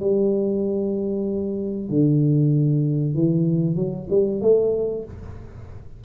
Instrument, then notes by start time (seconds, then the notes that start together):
tuba
0.00 G3
1.89 D3
3.14 E3
3.76 F#3
4.10 G3
4.41 A3